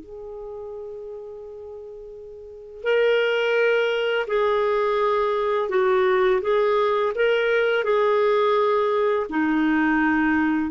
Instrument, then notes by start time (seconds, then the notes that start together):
clarinet
0.00 G#4
2.83 A#4
4.27 G#4
5.69 F#4
6.41 G#4
7.15 A#4
7.84 G#4
9.30 D#4